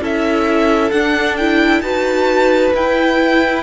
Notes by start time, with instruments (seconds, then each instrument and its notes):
0.00 cello C#4, viola E4, violin A4 E5
0.91 cello D4, viola D4, violin F#5
1.36 viola E4, violin G5
1.80 cello D#4, viola F#4, violin B4 A5
2.74 cello E4, viola E4, violin G5